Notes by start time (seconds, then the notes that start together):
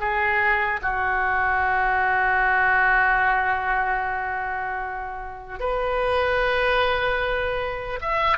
0.00 G#4
0.82 F#4
5.60 B4
8.01 E5